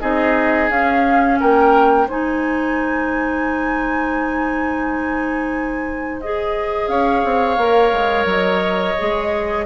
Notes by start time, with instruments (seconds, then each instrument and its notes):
0.00 bassoon C4, clarinet D#4, oboe G#4, flute D#5
0.69 bassoon C#4, clarinet C#4, flute F5
1.39 bassoon A#3, oboe A#4, flute G5
2.06 bassoon G#3, clarinet D#4, oboe C5, flute G#5
6.20 clarinet G#4, flute D#5
6.87 bassoon C#4, oboe C#5, flute F5
7.24 bassoon C4
7.57 bassoon A#3, clarinet A#4
7.92 bassoon G#3
8.25 bassoon F#3, flute D#5
8.98 bassoon G#3, clarinet G#4